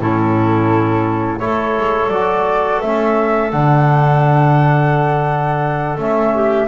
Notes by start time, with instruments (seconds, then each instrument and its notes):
0.00 double bass A2, trombone C#4, clarinet E4, flute A4
1.39 double bass A3, trombone E4, clarinet A4, flute C#5
1.78 double bass G#3
2.08 double bass F#3, trombone F#4, flute D5
2.81 double bass A3, trombone C#4, flute E5
3.52 double bass D3, trombone D4, flute F#5
5.97 double bass A3, trombone C#4, flute E5
6.35 clarinet G4